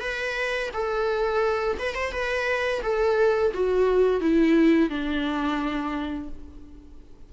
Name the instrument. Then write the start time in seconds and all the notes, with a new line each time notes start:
viola
0.00 B4
0.73 A4
1.79 B4
1.94 C5
2.12 B4
2.82 A4
3.54 F#4
4.21 E4
4.89 D4